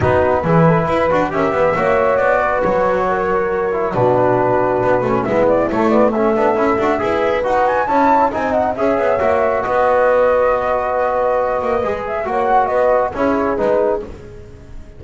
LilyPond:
<<
  \new Staff \with { instrumentName = "flute" } { \time 4/4 \tempo 4 = 137 b'2. e''4~ | e''4 d''4 cis''2~ | cis''4 b'2. | e''8 d''8 cis''8 d''8 e''2~ |
e''4 fis''8 gis''8 a''4 gis''8 fis''8 | e''2 dis''2~ | dis''2.~ dis''8 e''8 | fis''4 dis''4 cis''4 b'4 | }
  \new Staff \with { instrumentName = "horn" } { \time 4/4 fis'4 gis'8 a'8 b'4 ais'8 b'8 | cis''4. b'4. ais'4~ | ais'4 fis'2. | e'2 a'2 |
b'2 cis''4 dis''4 | cis''2 b'2~ | b'1 | cis''4 b'4 gis'2 | }
  \new Staff \with { instrumentName = "trombone" } { \time 4/4 dis'4 e'4. fis'8 g'4 | fis'1~ | fis'8 e'8 d'2~ d'8 cis'8 | b4 a8 b8 cis'8 d'8 e'8 fis'8 |
gis'4 fis'4 e'4 dis'4 | gis'4 fis'2.~ | fis'2. gis'4 | fis'2 e'4 dis'4 | }
  \new Staff \with { instrumentName = "double bass" } { \time 4/4 b4 e4 e'8 d'8 cis'8 b8 | ais4 b4 fis2~ | fis4 b,2 b8 a8 | gis4 a4. b8 cis'8 d'8 |
e'4 dis'4 cis'4 c'4 | cis'8 b8 ais4 b2~ | b2~ b8 ais8 gis4 | ais4 b4 cis'4 gis4 | }
>>